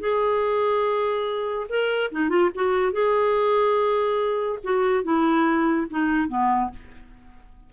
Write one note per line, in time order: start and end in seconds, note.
0.00 1.67 G#4
1.69 2.11 A#4
2.12 2.29 D#4
2.29 2.50 F4
2.55 2.92 F#4
2.92 4.59 G#4
4.64 5.03 F#4
5.03 5.87 E4
5.90 6.29 D#4
6.29 6.70 B3